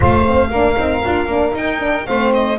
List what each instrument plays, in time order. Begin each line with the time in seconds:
0.00 double bass A3, horn F4, saxophone C5, violin F5
0.26 horn C4
0.50 double bass A#3, horn D4, saxophone A#4
0.76 double bass C4, horn D#4
1.05 double bass D4, horn F4
1.25 double bass A#3, horn D4
1.52 horn D#4, double bass D#4, violin G5
1.79 horn D4
2.06 double bass A3, horn C4, saxophone C5, violin F5
2.33 violin D#5